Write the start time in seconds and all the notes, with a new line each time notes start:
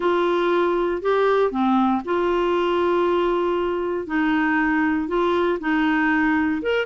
0.00 F4
1.02 G4
1.51 C4
2.05 F4
4.06 D#4
5.08 F4
5.59 D#4
6.61 A#4